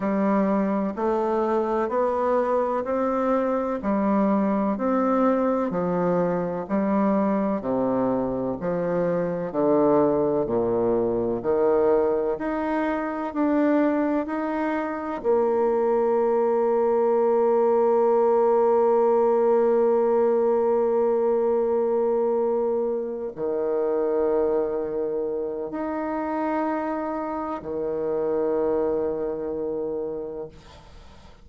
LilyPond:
\new Staff \with { instrumentName = "bassoon" } { \time 4/4 \tempo 4 = 63 g4 a4 b4 c'4 | g4 c'4 f4 g4 | c4 f4 d4 ais,4 | dis4 dis'4 d'4 dis'4 |
ais1~ | ais1~ | ais8 dis2~ dis8 dis'4~ | dis'4 dis2. | }